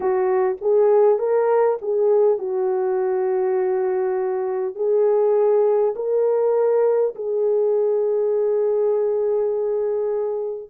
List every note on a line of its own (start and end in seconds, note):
0.00 0.56 F#4
0.61 1.18 G#4
1.18 1.78 A#4
1.81 2.38 G#4
2.38 4.75 F#4
4.75 5.94 G#4
5.95 7.14 A#4
7.15 10.69 G#4